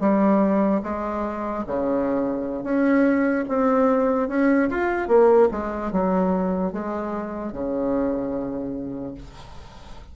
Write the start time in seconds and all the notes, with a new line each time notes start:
0.00 G3
0.83 G#3
1.67 C#3
2.64 C#4
3.48 C4
4.29 C#4
4.70 F4
5.08 A#3
5.51 G#3
5.92 F#3
6.72 G#3
7.53 C#3